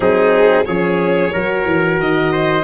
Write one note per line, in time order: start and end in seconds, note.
0.00 0.67 F#3
0.00 0.65 C4
0.00 0.65 D#4
0.00 0.65 G#4
0.65 1.34 F3
0.65 1.32 C#4
0.65 1.32 G#4
0.65 1.98 C#5
1.32 1.65 F#3
1.32 2.64 F#4
1.32 2.32 A#4
1.65 1.98 E3
1.98 2.64 D#3
1.98 2.64 D#5
2.32 2.64 C5